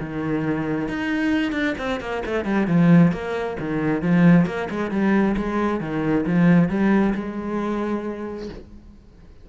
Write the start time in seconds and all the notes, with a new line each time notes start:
0.00 D#3
0.88 D#4
1.52 D4
1.78 C4
2.00 A#3
2.26 A3
2.45 G3
2.67 F3
3.12 A#3
3.59 D#3
4.02 F3
4.46 A#3
4.70 G#3
4.91 G3
5.37 G#3
5.80 D#3
6.26 F3
6.69 G3
7.15 G#3